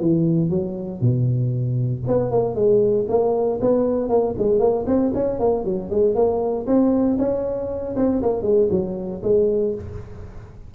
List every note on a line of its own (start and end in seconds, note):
0.00 0.50 E3
0.50 1.01 F#3
1.01 2.03 B2
2.07 2.31 B3
2.31 2.55 A#3
2.55 3.06 G#3
3.08 3.60 A#3
3.61 4.09 B3
4.09 4.34 A#3
4.38 4.59 G#3
4.59 4.85 A#3
4.87 5.12 C4
5.14 5.40 C#4
5.40 5.64 A#3
5.64 5.90 F#3
5.90 6.15 G#3
6.15 6.66 A#3
6.67 7.18 C4
7.18 7.95 C#4
7.96 8.22 C4
8.22 8.42 A#3
8.42 8.68 G#3
8.71 9.22 F#3
9.23 9.74 G#3